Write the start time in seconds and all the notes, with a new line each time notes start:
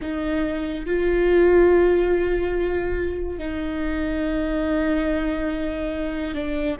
0.01 D#4
0.85 F4
3.38 D#4
6.34 D4